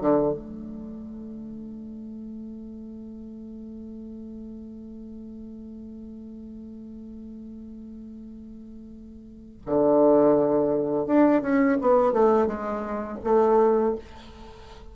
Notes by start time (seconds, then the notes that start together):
0.00 D3
0.33 A3
9.66 D3
11.06 D4
11.42 C#4
11.81 B3
12.12 A3
12.47 G#3
13.24 A3